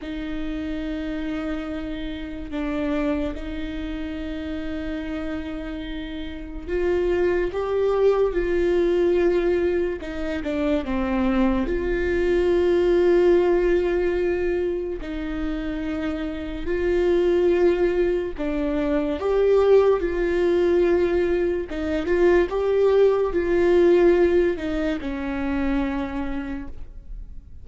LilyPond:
\new Staff \with { instrumentName = "viola" } { \time 4/4 \tempo 4 = 72 dis'2. d'4 | dis'1 | f'4 g'4 f'2 | dis'8 d'8 c'4 f'2~ |
f'2 dis'2 | f'2 d'4 g'4 | f'2 dis'8 f'8 g'4 | f'4. dis'8 cis'2 | }